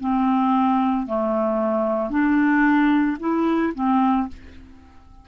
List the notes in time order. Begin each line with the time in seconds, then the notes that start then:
0.00 C4
1.07 A3
2.10 D4
3.20 E4
3.75 C4